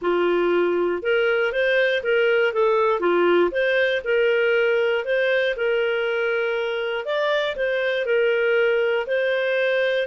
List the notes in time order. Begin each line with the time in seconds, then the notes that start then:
0.01 F4
1.02 A#4
1.52 C5
2.03 A#4
2.53 A4
3.00 F4
3.51 C5
4.04 A#4
5.04 C5
5.56 A#4
7.05 D5
7.56 C5
8.05 A#4
9.06 C5